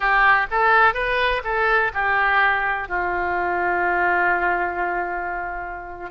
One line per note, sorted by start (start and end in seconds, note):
0.00 0.47 G4
0.50 0.94 A4
0.94 1.42 B4
1.44 1.92 A4
1.93 2.88 G4
2.88 6.10 F4